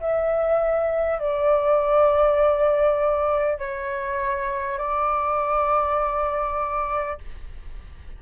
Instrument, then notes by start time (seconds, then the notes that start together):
flute
0.00 E5
1.19 D5
3.58 C#5
4.78 D5